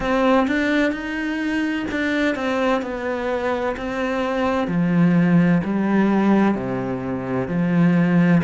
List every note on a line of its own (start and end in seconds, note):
0.00 0.47 C4
0.47 0.92 D4
0.92 1.85 D#4
1.90 2.35 D4
2.35 2.81 C4
2.81 3.75 B3
3.76 4.67 C4
4.67 5.61 F3
5.63 6.55 G3
6.55 7.47 C3
7.47 8.41 F3